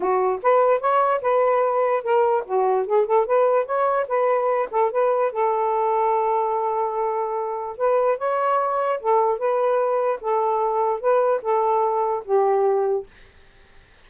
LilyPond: \new Staff \with { instrumentName = "saxophone" } { \time 4/4 \tempo 4 = 147 fis'4 b'4 cis''4 b'4~ | b'4 ais'4 fis'4 gis'8 a'8 | b'4 cis''4 b'4. a'8 | b'4 a'2.~ |
a'2. b'4 | cis''2 a'4 b'4~ | b'4 a'2 b'4 | a'2 g'2 | }